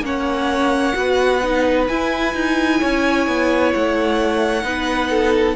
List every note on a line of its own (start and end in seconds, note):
0.00 0.92 A#3
0.00 0.93 C#4
0.00 0.97 C#5
0.00 1.87 F#5
0.93 1.88 B3
0.93 1.39 F#4
0.93 2.80 B4
1.42 1.89 D#4
1.87 2.34 E4
1.87 4.62 E4
1.87 3.72 G#5
2.34 2.80 D#4
2.80 3.27 C#4
2.80 4.64 C#5
3.27 3.73 B3
3.73 4.63 A3
3.73 5.56 F#5
4.62 5.56 B3
4.62 5.55 D#4
4.62 5.10 B4
5.10 5.56 A4